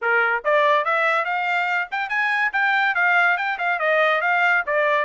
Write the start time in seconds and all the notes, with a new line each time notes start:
0.01 A#4
0.44 D5
0.85 E5
1.24 F5
1.91 G5
2.09 G#5
2.52 G5
2.94 F5
3.37 G5
3.58 F5
3.79 D#5
4.21 F5
4.66 D5